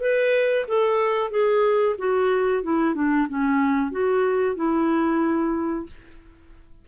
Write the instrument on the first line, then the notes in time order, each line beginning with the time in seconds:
clarinet
0.00 B4
0.68 A4
1.31 G#4
1.98 F#4
2.63 E4
2.95 D4
3.29 C#4
3.91 F#4
4.56 E4